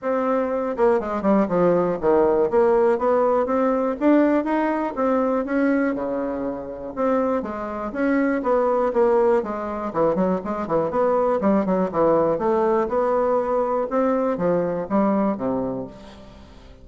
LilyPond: \new Staff \with { instrumentName = "bassoon" } { \time 4/4 \tempo 4 = 121 c'4. ais8 gis8 g8 f4 | dis4 ais4 b4 c'4 | d'4 dis'4 c'4 cis'4 | cis2 c'4 gis4 |
cis'4 b4 ais4 gis4 | e8 fis8 gis8 e8 b4 g8 fis8 | e4 a4 b2 | c'4 f4 g4 c4 | }